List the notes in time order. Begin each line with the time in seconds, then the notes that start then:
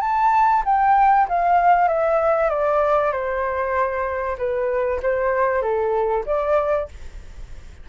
0.00 A5
0.65 G5
1.28 F5
1.88 E5
2.49 D5
3.11 C5
4.38 B4
5.02 C5
5.61 A4
6.26 D5